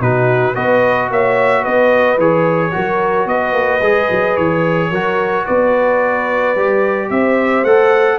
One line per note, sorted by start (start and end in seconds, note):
0.00 0.55 B2
0.00 0.55 D#4
0.00 0.55 F#4
0.00 0.55 B4
0.55 1.10 B3
0.55 2.18 F#4
0.55 1.09 B4
0.55 1.09 D#5
1.10 1.65 A#3
1.10 1.61 C#5
1.10 1.64 E5
1.61 2.17 B3
1.61 2.70 B4
1.61 2.18 D#5
2.17 2.72 E3
2.17 2.71 G#4
2.17 3.27 C#5
2.71 3.25 F#3
2.71 3.81 F#4
2.71 3.29 A#4
3.25 3.53 B3
3.25 4.90 B4
3.25 4.36 D#5
3.53 3.80 A#3
3.81 4.08 G#3
3.81 4.92 G#4
4.10 4.37 F#3
4.36 4.90 E3
4.36 5.45 C#5
4.90 5.45 F#3
4.90 6.56 F#4
4.90 5.44 A#4
5.44 6.56 B3
5.44 7.08 B4
5.44 7.09 D5
6.56 7.10 G3
6.56 7.65 G4
7.09 7.63 C4
7.09 8.18 C5
7.09 7.64 E5
7.63 8.18 A3
7.63 8.19 A4
7.63 8.18 F#5